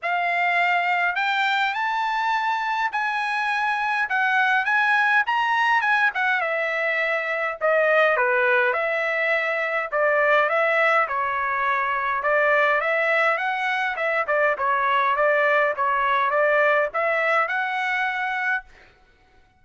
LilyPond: \new Staff \with { instrumentName = "trumpet" } { \time 4/4 \tempo 4 = 103 f''2 g''4 a''4~ | a''4 gis''2 fis''4 | gis''4 ais''4 gis''8 fis''8 e''4~ | e''4 dis''4 b'4 e''4~ |
e''4 d''4 e''4 cis''4~ | cis''4 d''4 e''4 fis''4 | e''8 d''8 cis''4 d''4 cis''4 | d''4 e''4 fis''2 | }